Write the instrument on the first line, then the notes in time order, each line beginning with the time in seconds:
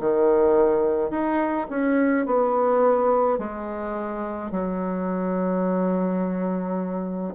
bassoon
0.00 D#3
1.11 D#4
1.70 C#4
2.26 B3
3.39 G#3
4.51 F#3